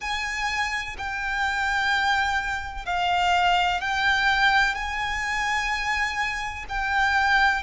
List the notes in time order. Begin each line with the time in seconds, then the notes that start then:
0.00 G#5
0.97 G5
2.85 F5
3.81 G5
4.74 G#5
6.68 G5